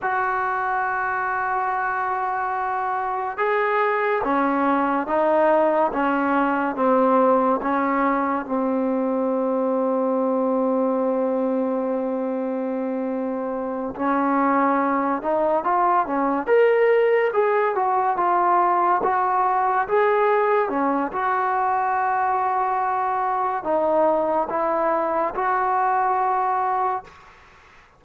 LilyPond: \new Staff \with { instrumentName = "trombone" } { \time 4/4 \tempo 4 = 71 fis'1 | gis'4 cis'4 dis'4 cis'4 | c'4 cis'4 c'2~ | c'1~ |
c'8 cis'4. dis'8 f'8 cis'8 ais'8~ | ais'8 gis'8 fis'8 f'4 fis'4 gis'8~ | gis'8 cis'8 fis'2. | dis'4 e'4 fis'2 | }